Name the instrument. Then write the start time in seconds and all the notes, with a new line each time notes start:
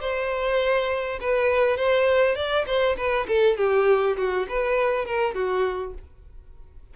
violin
0.00 C5
1.20 B4
1.77 C5
2.35 D5
2.66 C5
2.96 B4
3.27 A4
3.57 G4
4.17 F#4
4.48 B4
5.05 A#4
5.34 F#4